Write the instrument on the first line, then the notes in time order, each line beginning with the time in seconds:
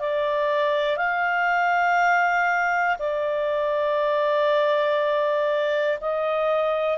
clarinet
0.00 D5
0.97 F5
2.99 D5
6.01 D#5